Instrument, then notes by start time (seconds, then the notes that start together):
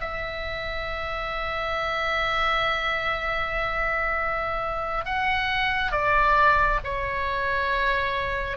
oboe
0.00 E5
5.05 F#5
5.91 D5
6.84 C#5